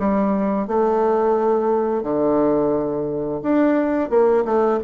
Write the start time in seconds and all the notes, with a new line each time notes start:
0.00 G3
0.68 A3
2.03 D3
3.43 D4
4.10 A#3
4.45 A3